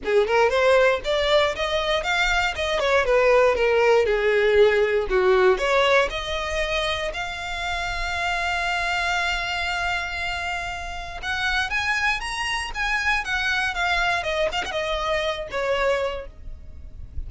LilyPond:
\new Staff \with { instrumentName = "violin" } { \time 4/4 \tempo 4 = 118 gis'8 ais'8 c''4 d''4 dis''4 | f''4 dis''8 cis''8 b'4 ais'4 | gis'2 fis'4 cis''4 | dis''2 f''2~ |
f''1~ | f''2 fis''4 gis''4 | ais''4 gis''4 fis''4 f''4 | dis''8 f''16 fis''16 dis''4. cis''4. | }